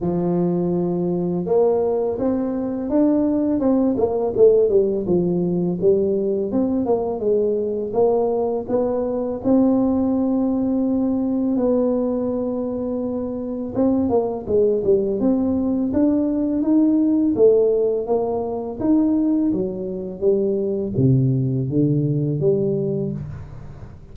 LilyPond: \new Staff \with { instrumentName = "tuba" } { \time 4/4 \tempo 4 = 83 f2 ais4 c'4 | d'4 c'8 ais8 a8 g8 f4 | g4 c'8 ais8 gis4 ais4 | b4 c'2. |
b2. c'8 ais8 | gis8 g8 c'4 d'4 dis'4 | a4 ais4 dis'4 fis4 | g4 c4 d4 g4 | }